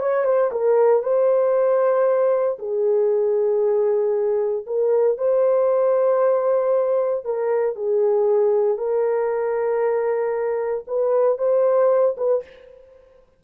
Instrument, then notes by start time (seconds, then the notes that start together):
horn
0.00 C#5
0.25 C5
0.51 A#4
1.03 C5
2.59 G#4
4.66 A#4
5.17 C5
7.25 A#4
7.75 G#4
8.77 A#4
10.87 B4
11.38 C5
12.17 B4